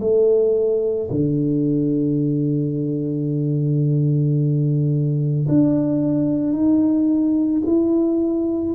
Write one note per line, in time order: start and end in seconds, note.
0.00 1.09 A3
1.10 5.46 D3
5.48 6.53 D4
6.53 7.62 D#4
7.65 8.74 E4